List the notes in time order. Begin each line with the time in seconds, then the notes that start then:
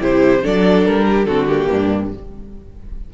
0.00 C3 E4 G4 C5
0.42 F#3 D4 A4 D5
0.85 G3 A#4
1.09 G4
1.26 D3 C4 F#4 A4
1.47 A#3 G4
1.71 G2 D4